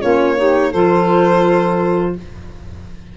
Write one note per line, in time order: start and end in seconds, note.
0.00 0.73 A#3
0.00 0.36 C#4
0.00 0.36 F4
0.00 0.72 C#5
0.36 0.71 D#4
0.36 0.70 G4
0.70 2.16 F3
0.70 2.17 F4
0.70 2.13 A4
0.70 2.15 C5